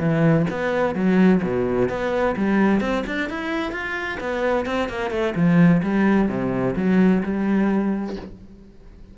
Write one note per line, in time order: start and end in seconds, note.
0.00 0.47 E3
0.51 0.95 B3
0.95 1.42 F#3
1.43 1.89 B2
1.89 2.36 B3
2.37 2.81 G3
2.81 3.04 C4
3.07 3.30 D4
3.30 3.72 E4
3.72 4.19 F4
4.21 4.66 B3
4.66 4.89 C4
4.89 5.11 A#3
5.11 5.34 A3
5.36 5.82 F3
5.83 6.29 G3
6.29 6.75 C3
6.76 7.23 F#3
7.23 8.16 G3